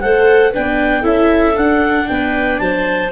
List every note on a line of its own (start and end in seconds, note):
0.00 0.55 A3
0.00 0.53 A4
0.00 0.51 C5
0.00 0.52 F#5
0.51 1.04 B3
0.51 1.02 D4
0.51 1.02 B4
0.51 1.05 G5
1.02 1.55 C#4
1.02 1.54 E4
1.02 2.05 A4
1.02 1.57 E5
1.54 3.09 D4
1.54 2.08 D4
1.54 2.07 F#5
2.07 2.59 B3
2.07 2.61 B4
2.07 2.58 G5
2.58 3.11 F#3
2.58 3.11 C5
2.58 3.10 A5